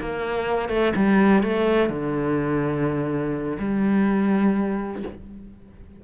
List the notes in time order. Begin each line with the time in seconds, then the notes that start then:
0.00 A#3
0.69 A3
0.96 G3
1.43 A3
1.89 D3
3.59 G3